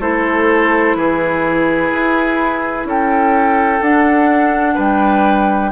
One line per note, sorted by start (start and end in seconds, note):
0.00 0.95 A3
0.00 3.81 E4
0.00 0.96 A4
0.00 0.96 C5
0.95 1.90 E3
0.95 2.87 G#4
0.95 2.86 B4
1.93 2.85 E4
2.85 3.80 C#4
2.85 4.74 A4
2.85 3.83 G5
3.81 4.76 D4
3.81 5.72 D4
3.81 4.78 F#5
4.74 5.72 G3
4.74 5.70 B4
4.74 5.72 G5